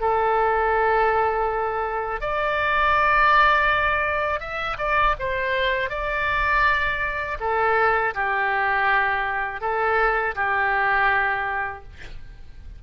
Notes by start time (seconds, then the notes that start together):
0.00 A4
2.21 D5
4.40 E5
4.78 D5
5.19 C5
5.89 D5
7.40 A4
8.14 G4
9.61 A4
10.35 G4